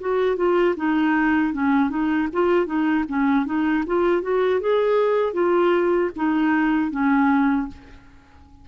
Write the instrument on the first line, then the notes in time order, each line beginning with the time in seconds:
clarinet
0.00 F#4
0.37 F4
0.77 D#4
1.53 C#4
1.90 D#4
2.33 F4
2.66 D#4
3.09 C#4
3.46 D#4
3.86 F4
4.22 F#4
4.60 G#4
5.34 F4
6.16 D#4
6.91 C#4